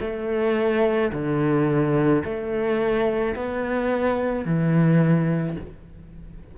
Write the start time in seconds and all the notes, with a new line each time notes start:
0.00 A3
1.12 D3
2.24 A3
3.35 B3
4.45 E3